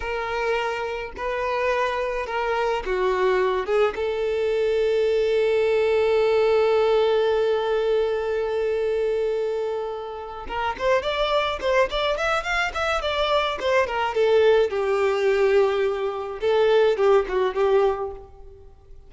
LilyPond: \new Staff \with { instrumentName = "violin" } { \time 4/4 \tempo 4 = 106 ais'2 b'2 | ais'4 fis'4. gis'8 a'4~ | a'1~ | a'1~ |
a'2~ a'8 ais'8 c''8 d''8~ | d''8 c''8 d''8 e''8 f''8 e''8 d''4 | c''8 ais'8 a'4 g'2~ | g'4 a'4 g'8 fis'8 g'4 | }